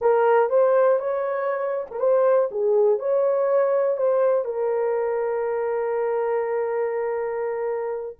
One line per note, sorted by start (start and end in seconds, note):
0.01 0.49 A#4
0.49 0.99 C5
0.99 1.86 C#5
1.90 1.99 A#4
1.99 2.49 C5
2.51 2.99 G#4
2.99 3.97 C#5
3.97 4.44 C5
4.44 8.16 A#4